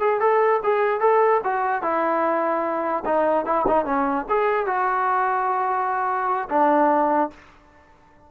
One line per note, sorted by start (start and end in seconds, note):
0.00 0.20 G#4
0.20 0.61 A4
0.63 1.00 G#4
1.00 1.41 A4
1.44 1.82 F#4
1.82 3.04 E4
3.05 3.45 D#4
3.45 3.66 E4
3.67 3.85 D#4
3.85 4.26 C#4
4.29 4.66 G#4
4.66 6.49 F#4
6.49 7.30 D4